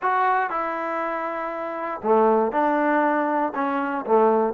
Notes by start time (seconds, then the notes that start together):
0.02 F#4
0.50 E4
2.03 A3
2.51 D4
3.54 C#4
4.05 A3